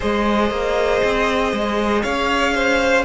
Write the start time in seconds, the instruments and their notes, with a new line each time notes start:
0.00 cello G#3, viola G#4, violin C5 D#5
0.50 cello A#3
1.04 cello C4
1.52 cello G#3
2.02 cello C#4, violin C#5 F5
2.55 violin C5